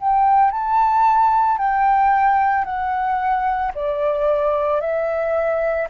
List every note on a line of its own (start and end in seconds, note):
0.00 0.51 G5
0.51 1.58 A5
1.58 2.65 G5
2.65 3.72 F#5
3.75 4.81 D5
4.81 5.88 E5